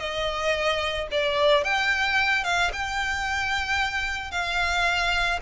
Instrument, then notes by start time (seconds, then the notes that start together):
violin
0.00 D#5
1.12 D5
1.64 G5
2.44 F5
2.73 G5
4.31 F5